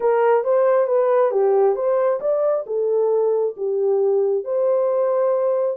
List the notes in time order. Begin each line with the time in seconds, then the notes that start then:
0.00 A#4
0.43 C5
0.87 B4
1.31 G4
1.75 C5
2.20 D5
2.66 A4
3.56 G4
4.44 C5